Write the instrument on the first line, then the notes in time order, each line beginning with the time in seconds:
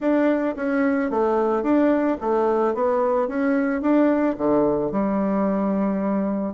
bassoon
0.00 D4
0.56 C#4
1.10 A3
1.62 D4
2.20 A3
2.74 B3
3.28 C#4
3.81 D4
4.37 D3
4.91 G3